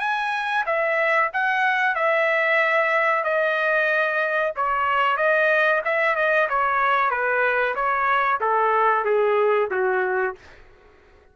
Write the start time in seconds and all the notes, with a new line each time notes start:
0.00 G#5
0.66 E5
1.33 F#5
1.96 E5
3.24 D#5
4.56 C#5
5.17 D#5
5.85 E5
6.16 D#5
6.49 C#5
7.11 B4
7.75 C#5
8.40 A4
9.05 G#4
9.71 F#4